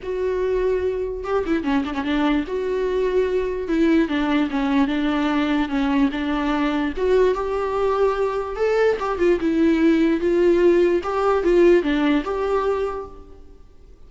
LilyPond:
\new Staff \with { instrumentName = "viola" } { \time 4/4 \tempo 4 = 147 fis'2. g'8 e'8 | cis'8 d'16 cis'16 d'4 fis'2~ | fis'4 e'4 d'4 cis'4 | d'2 cis'4 d'4~ |
d'4 fis'4 g'2~ | g'4 a'4 g'8 f'8 e'4~ | e'4 f'2 g'4 | f'4 d'4 g'2 | }